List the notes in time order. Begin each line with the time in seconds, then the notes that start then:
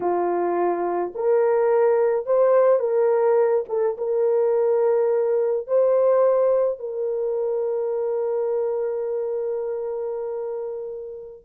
0.00 F4
1.14 A#4
2.25 C5
2.79 A#4
3.68 A4
3.97 A#4
5.67 C5
6.79 A#4